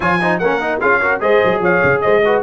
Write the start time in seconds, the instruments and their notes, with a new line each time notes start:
0.00 tuba F3, trombone F4, horn C#5, trumpet G#5
0.21 trombone D#4, horn C5
0.38 tuba A#3, trombone C#4, horn A#4, trumpet F#5
0.60 trombone D#4
0.80 tuba C#4, trombone F4, horn G#4, trumpet F5
1.01 trombone F#4, horn A#4
1.20 tuba G#3, trombone G#4, horn C5, trumpet D#5
1.44 tuba F#3
1.60 tuba F3, horn C#5, trumpet F5
1.83 tuba C#3
2.01 tuba G#3, horn C5, trumpet D#5
2.24 trombone F#4, horn B4